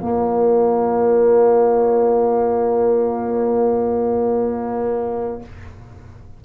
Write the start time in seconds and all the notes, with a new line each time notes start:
0.00 A#3 F4 C#5